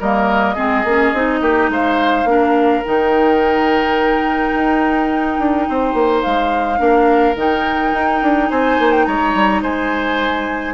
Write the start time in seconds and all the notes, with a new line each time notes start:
0.00 G3 A#3 A#4 D#5
0.55 G#3 C4 G#4
0.84 A#3 C#4
1.13 C4 D#4
1.41 A#3 G4
1.69 G#3 C5 F5
2.24 A#3 D4
2.31 A#4
2.83 D#3 D#4 G5
4.53 D#4
5.38 D4
5.69 C4 C5
5.94 A#3
6.22 G#3 F5
6.78 A#3 D4 A#4
7.35 D#3 D#4 G5
7.93 D#4
8.22 D4
8.50 C4 C5 G#5
8.79 A#3
8.92 G5
9.05 G#3 C#5 A#5
9.34 G3
9.62 G#3 C5 G#5